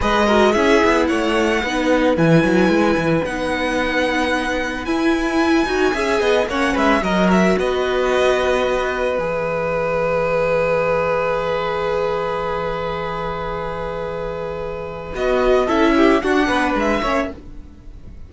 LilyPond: <<
  \new Staff \with { instrumentName = "violin" } { \time 4/4 \tempo 4 = 111 dis''4 e''4 fis''2 | gis''2 fis''2~ | fis''4 gis''2. | fis''8 e''8 dis''8 e''8 dis''2~ |
dis''4 e''2.~ | e''1~ | e''1 | dis''4 e''4 fis''4 e''4 | }
  \new Staff \with { instrumentName = "violin" } { \time 4/4 b'8 ais'8 gis'4 cis''4 b'4~ | b'1~ | b'2. e''8 dis''8 | cis''8 b'8 ais'4 b'2~ |
b'1~ | b'1~ | b'1~ | b'4 a'8 g'8 fis'8 b'4 cis''8 | }
  \new Staff \with { instrumentName = "viola" } { \time 4/4 gis'8 fis'8 e'2 dis'4 | e'2 dis'2~ | dis'4 e'4. fis'8 gis'4 | cis'4 fis'2.~ |
fis'4 gis'2.~ | gis'1~ | gis'1 | fis'4 e'4 d'4. cis'8 | }
  \new Staff \with { instrumentName = "cello" } { \time 4/4 gis4 cis'8 b8 a4 b4 | e8 fis8 gis8 e8 b2~ | b4 e'4. dis'8 cis'8 b8 | ais8 gis8 fis4 b2~ |
b4 e2.~ | e1~ | e1 | b4 cis'4 d'8 b8 gis8 ais8 | }
>>